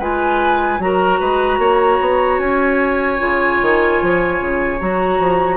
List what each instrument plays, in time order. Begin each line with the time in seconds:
0.00 bassoon G#3, clarinet F4, oboe B4, flute G#5
0.79 bassoon F#3, clarinet F#4, oboe A#4, flute A#5
1.20 bassoon G#3, oboe B4
1.59 bassoon A#3, oboe C#5
2.01 bassoon B3
2.39 bassoon C#4, flute G#5
3.19 bassoon C#3, clarinet F4
3.62 bassoon D#3
4.02 bassoon F3
4.41 bassoon C#3
4.80 bassoon F#3, clarinet F#4, flute A#5
5.20 bassoon F3